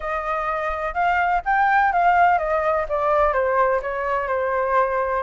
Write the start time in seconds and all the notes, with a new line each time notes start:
0.00 D#5
0.94 F5
1.45 G5
1.92 F5
2.38 D#5
2.89 D5
3.33 C5
3.82 C#5
4.27 C5